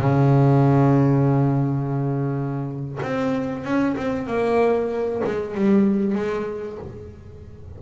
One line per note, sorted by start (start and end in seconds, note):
0.00 3.00 C#3
3.03 3.65 C4
3.65 3.96 C#4
3.97 4.28 C4
4.28 5.22 A#3
5.24 5.55 G#3
5.55 6.16 G3
6.16 6.79 G#3